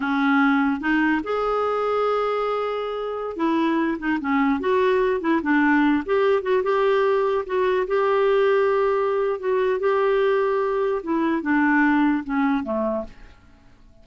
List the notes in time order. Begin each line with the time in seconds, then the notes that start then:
0.00 C#4
0.80 D#4
1.23 G#4
3.36 E4
3.98 D#4
4.20 C#4
4.59 F#4
5.21 E4
5.42 D4
6.05 G4
6.42 F#4
6.63 G4
7.45 F#4
7.87 G4
9.39 F#4
9.79 G4
11.03 E4
11.42 D4
12.24 C#4
12.63 A3